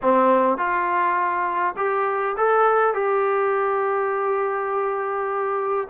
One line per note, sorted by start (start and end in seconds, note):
0.02 0.57 C4
0.57 1.75 F4
1.76 2.35 G4
2.37 2.94 A4
2.94 5.88 G4